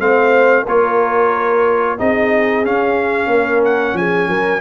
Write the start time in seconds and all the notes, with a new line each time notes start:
0.00 A3 C4 C5 F5
0.63 A#3 F4 A#4 C#5
1.98 C4 D#4 G#4 D#5
2.64 C#4 F5
3.27 A#3 A#4
3.65 F#5
3.94 F3 G#4 G#5
4.29 F#3 A#4